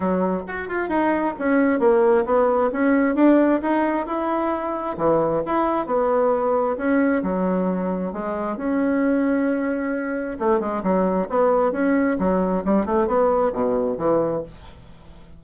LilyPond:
\new Staff \with { instrumentName = "bassoon" } { \time 4/4 \tempo 4 = 133 fis4 fis'8 f'8 dis'4 cis'4 | ais4 b4 cis'4 d'4 | dis'4 e'2 e4 | e'4 b2 cis'4 |
fis2 gis4 cis'4~ | cis'2. a8 gis8 | fis4 b4 cis'4 fis4 | g8 a8 b4 b,4 e4 | }